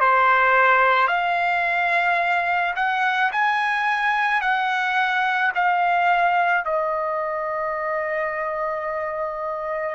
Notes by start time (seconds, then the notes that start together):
0.00 C5
1.08 F5
2.75 F#5
3.32 G#5
4.41 F#5
5.55 F5
6.65 D#5